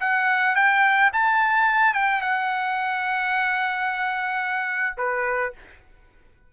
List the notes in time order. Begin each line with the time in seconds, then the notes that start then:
0.00 F#5
0.55 G5
1.13 A5
1.93 G5
2.21 F#5
4.97 B4